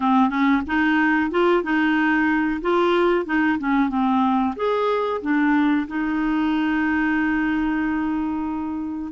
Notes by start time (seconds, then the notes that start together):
0.00 C4
0.29 C#4
0.66 D#4
1.30 F4
1.63 D#4
2.61 F4
3.25 D#4
3.58 C#4
3.89 C4
4.55 G#4
5.21 D4
5.87 D#4